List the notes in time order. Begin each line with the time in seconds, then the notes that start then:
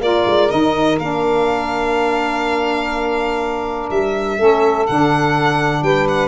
0.00 A#3 F4 A#4 D5
0.26 G#3
0.48 D#3 D#4 D#5
0.99 A#3 D4 F5
3.90 G3 E5
4.37 A3 C#4 A4
4.86 D3 D4 F#5
5.82 G3 B4 G5
6.08 F#5